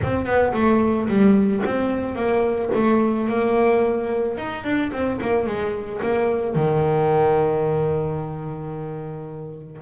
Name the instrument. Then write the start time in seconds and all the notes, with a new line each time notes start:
double bass
0.03 C4
0.25 B3
0.53 A3
1.08 G3
1.65 C4
2.15 A#3
2.74 A3
3.28 A#3
4.37 D#4
4.64 D4
4.92 C4
5.21 A#3
5.46 G#3
6.02 A#3
6.55 D#3